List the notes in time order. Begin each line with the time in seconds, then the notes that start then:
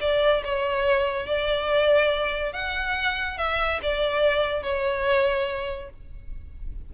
0.00 D5
0.44 C#5
1.26 D5
2.53 F#5
3.38 E5
3.82 D5
4.63 C#5